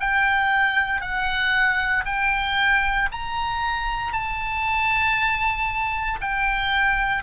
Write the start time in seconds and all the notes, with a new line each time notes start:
0.00 G5
1.01 F#5
2.05 G5
3.12 A#5
4.12 A5
6.21 G5